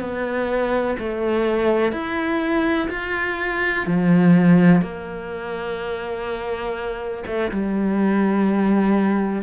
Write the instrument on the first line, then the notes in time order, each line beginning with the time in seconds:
cello
0.00 B3
0.99 A3
1.91 E4
2.90 F4
3.86 F3
4.81 A#3
7.26 A3
7.51 G3